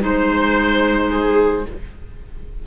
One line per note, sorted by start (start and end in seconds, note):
0.00 1.66 G#3
0.00 1.64 D#4
0.00 1.66 C5
0.00 1.10 C5
1.10 1.65 G#4